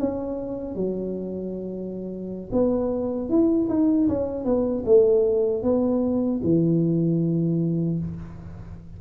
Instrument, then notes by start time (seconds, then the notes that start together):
tuba
0.00 C#4
0.76 F#3
2.53 B3
3.29 E4
3.70 D#4
4.09 C#4
4.45 B3
4.86 A3
5.63 B3
6.44 E3